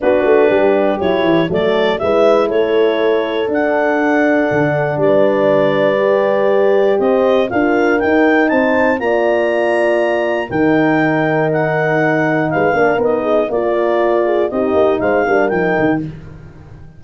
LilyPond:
<<
  \new Staff \with { instrumentName = "clarinet" } { \time 4/4 \tempo 4 = 120 b'2 cis''4 d''4 | e''4 cis''2 fis''4~ | fis''2 d''2~ | d''2 dis''4 f''4 |
g''4 a''4 ais''2~ | ais''4 g''2 fis''4~ | fis''4 f''4 dis''4 d''4~ | d''4 dis''4 f''4 g''4 | }
  \new Staff \with { instrumentName = "horn" } { \time 4/4 fis'4 g'2 a'4 | b'4 a'2.~ | a'2 b'2~ | b'2 c''4 ais'4~ |
ais'4 c''4 d''2~ | d''4 ais'2.~ | ais'4 b'8 ais'4 gis'8 ais'4~ | ais'8 gis'8 g'4 c''8 ais'4. | }
  \new Staff \with { instrumentName = "horn" } { \time 4/4 d'2 e'4 a4 | e'2. d'4~ | d'1 | g'2. f'4 |
dis'2 f'2~ | f'4 dis'2.~ | dis'4. d'8 dis'4 f'4~ | f'4 dis'4. d'8 dis'4 | }
  \new Staff \with { instrumentName = "tuba" } { \time 4/4 b8 a8 g4 fis8 e8 fis4 | gis4 a2 d'4~ | d'4 d4 g2~ | g2 c'4 d'4 |
dis'4 c'4 ais2~ | ais4 dis2.~ | dis4 gis8 ais8 b4 ais4~ | ais4 c'8 ais8 gis8 g8 f8 dis8 | }
>>